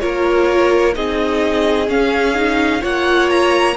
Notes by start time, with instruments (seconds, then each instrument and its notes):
0.00 cello A#3, viola F4, violin A#4 C#5
0.94 cello C4, viola D#4, violin G#4 D#5
1.88 viola C#4, cello C#4, violin F5
2.35 viola D#4
2.81 cello A#3, viola F4, violin C#5 F#5
3.30 violin A#5